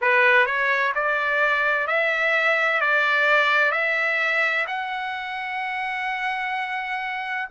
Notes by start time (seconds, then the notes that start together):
0.01 B4
0.46 C#5
0.95 D5
1.87 E5
2.80 D5
3.71 E5
4.67 F#5